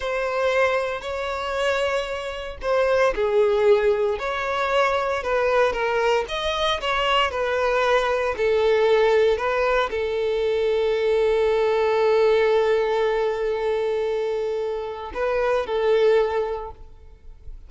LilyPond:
\new Staff \with { instrumentName = "violin" } { \time 4/4 \tempo 4 = 115 c''2 cis''2~ | cis''4 c''4 gis'2 | cis''2 b'4 ais'4 | dis''4 cis''4 b'2 |
a'2 b'4 a'4~ | a'1~ | a'1~ | a'4 b'4 a'2 | }